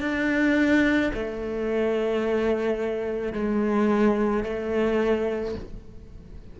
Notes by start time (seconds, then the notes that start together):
0.00 D4
1.14 A3
3.32 G#3
4.43 A3